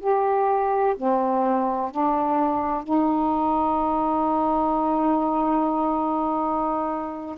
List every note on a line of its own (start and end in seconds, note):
0.00 0.95 G4
0.97 1.91 C4
1.91 2.84 D4
2.84 7.36 D#4